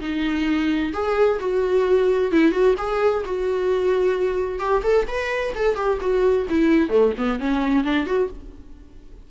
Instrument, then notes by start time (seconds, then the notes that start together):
viola
0.00 D#4
0.93 G#4
1.39 F#4
2.31 E4
2.51 F#4
2.77 G#4
3.25 F#4
4.59 G4
4.83 A4
5.07 B4
5.55 A4
5.75 G4
6.00 F#4
6.49 E4
6.89 A3
7.17 B3
7.39 C#4
7.84 D4
8.06 F#4